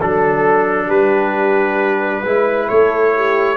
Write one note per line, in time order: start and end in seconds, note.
0.00 0.89 F#3
0.00 2.25 D4
0.00 0.90 A4
0.00 0.87 A4
0.87 2.23 G3
0.87 2.21 G4
0.87 2.69 B4
2.24 2.69 G#3
2.24 3.57 E4
2.24 2.68 B4
2.69 3.57 A3
2.69 3.14 A4
2.69 3.57 C#5
3.16 3.57 G4